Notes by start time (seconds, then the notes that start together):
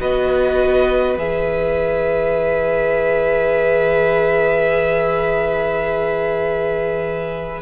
0.00 B3 F#4 B4 D#5
1.18 E3 G#4 E5